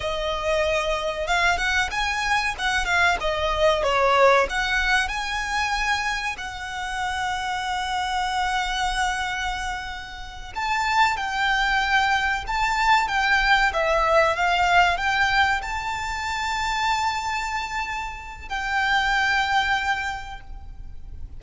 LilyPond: \new Staff \with { instrumentName = "violin" } { \time 4/4 \tempo 4 = 94 dis''2 f''8 fis''8 gis''4 | fis''8 f''8 dis''4 cis''4 fis''4 | gis''2 fis''2~ | fis''1~ |
fis''8 a''4 g''2 a''8~ | a''8 g''4 e''4 f''4 g''8~ | g''8 a''2.~ a''8~ | a''4 g''2. | }